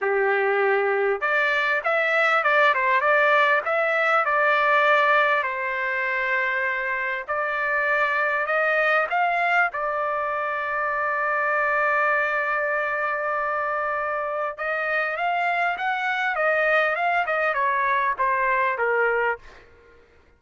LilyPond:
\new Staff \with { instrumentName = "trumpet" } { \time 4/4 \tempo 4 = 99 g'2 d''4 e''4 | d''8 c''8 d''4 e''4 d''4~ | d''4 c''2. | d''2 dis''4 f''4 |
d''1~ | d''1 | dis''4 f''4 fis''4 dis''4 | f''8 dis''8 cis''4 c''4 ais'4 | }